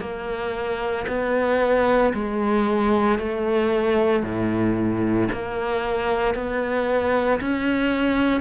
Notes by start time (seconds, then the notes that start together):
0.00 A#3
1.07 B3
2.13 G#3
3.18 A3
4.22 A2
5.32 A#3
6.34 B3
7.40 C#4